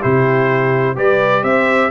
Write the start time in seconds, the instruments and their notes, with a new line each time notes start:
0.00 tuba C3, trombone E4, horn G4, trumpet C5
0.96 tuba G3, trombone G4, horn B4, trumpet D5
1.43 tuba C4, horn C5, trumpet E5